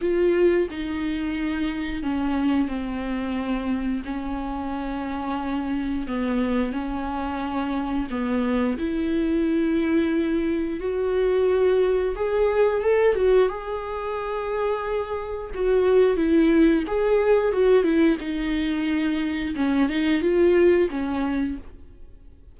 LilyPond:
\new Staff \with { instrumentName = "viola" } { \time 4/4 \tempo 4 = 89 f'4 dis'2 cis'4 | c'2 cis'2~ | cis'4 b4 cis'2 | b4 e'2. |
fis'2 gis'4 a'8 fis'8 | gis'2. fis'4 | e'4 gis'4 fis'8 e'8 dis'4~ | dis'4 cis'8 dis'8 f'4 cis'4 | }